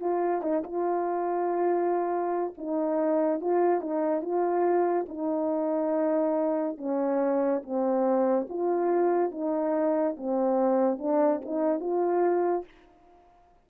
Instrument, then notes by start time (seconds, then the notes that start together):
horn
0.00 F4
0.41 D#4
0.63 F4
2.57 D#4
3.40 F4
3.81 D#4
4.21 F4
5.08 D#4
6.78 C#4
7.62 C4
8.49 F4
9.31 D#4
10.17 C4
10.98 D4
11.45 D#4
11.80 F4